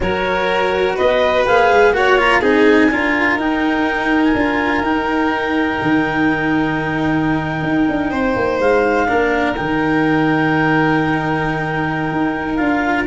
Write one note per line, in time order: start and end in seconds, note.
0.00 0.96 F#3
0.00 1.46 F#4
0.00 0.95 A#4
0.00 0.97 C#5
0.95 1.47 B3
0.95 1.92 B4
0.95 1.46 D#5
1.46 1.70 A#3
1.46 1.93 G#4
1.46 1.94 F5
1.70 1.92 G#3
1.92 2.40 A#3
1.92 2.17 F#4
1.92 2.40 C#5
1.92 2.18 F#5
2.17 2.41 F4
2.17 2.40 A#5
2.40 2.89 C4
2.40 2.90 D#4
2.40 2.89 G#4
2.40 3.37 G#5
2.90 3.35 D4
2.90 3.38 F4
2.90 8.10 A#4
3.35 4.32 D#4
3.35 4.35 D#4
3.35 4.24 G5
4.24 4.84 G#5
4.34 4.81 D4
4.34 4.83 F4
4.81 5.78 D#4
4.81 9.06 D#4
4.81 8.59 G5
5.82 7.62 D#3
7.62 7.86 D#4
7.88 8.11 D4
8.10 8.35 C4
8.10 9.07 C5
8.35 8.59 A#3
8.59 9.08 G#3
8.59 9.54 F5
9.06 9.58 A#3
9.06 9.55 D4
9.06 13.06 A#4
9.54 12.11 D#3
9.54 12.58 D#4
9.54 12.55 G5
12.11 12.58 D#4
12.55 13.06 D4
12.55 13.06 F4
12.55 13.03 F5